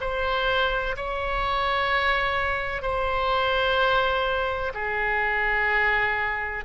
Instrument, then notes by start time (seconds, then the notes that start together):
oboe
0.00 C5
0.96 C#5
2.81 C5
4.74 G#4